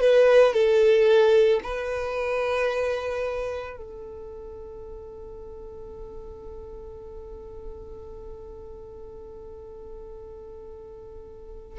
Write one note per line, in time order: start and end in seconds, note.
0.00 0.53 B4
0.53 1.60 A4
1.63 3.76 B4
3.76 11.79 A4